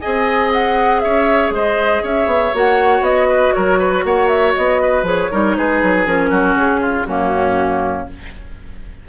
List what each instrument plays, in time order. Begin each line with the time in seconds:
0.00 bassoon C4, clarinet G#4, oboe D#5, flute G#5
0.52 flute F#5
1.00 bassoon C#4, oboe C#5, flute E5
1.50 bassoon G#3, oboe C5, flute D#5
2.03 bassoon C#4, oboe C#5, flute E5
2.26 bassoon B3
2.54 bassoon A#3, clarinet F#4, flute F#5
3.01 bassoon B3, flute D#5
3.28 oboe B4
3.53 bassoon F#3, oboe A#4, flute C#5
3.79 oboe B4
4.04 bassoon A#3, oboe C#5, flute F#5
4.28 flute E5
4.55 bassoon B3, flute D#5
4.82 oboe B4
5.03 bassoon F3, clarinet G#4, flute C#5
5.31 bassoon G3, clarinet D#4, oboe A#4
5.57 bassoon G#3, oboe G#4, flute B4
5.82 bassoon F#3
6.06 bassoon F3, clarinet C#4, flute A#4
6.30 bassoon F#3, oboe F#4
6.55 bassoon C#3, flute G#4
6.81 oboe F4
7.06 bassoon F#2, clarinet A#3, oboe C#4, flute F#4